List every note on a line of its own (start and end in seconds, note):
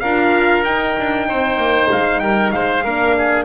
0.00 0.65 D4
0.00 0.66 F4
0.00 1.27 A#4
0.00 0.62 F5
0.65 0.96 D#4
0.65 2.85 D#4
0.65 1.90 G5
0.99 1.30 D4
1.28 1.57 C4
1.28 2.22 C5
1.57 1.89 A#3
1.92 2.22 G#3
1.92 2.20 F5
2.20 2.53 G3
2.20 2.54 A#4
2.20 2.51 G5
2.52 2.85 G#3
2.52 2.85 C5
2.52 3.45 F5
2.85 3.45 A#3
2.85 3.45 D4
2.85 3.16 A#4
3.18 3.45 G#4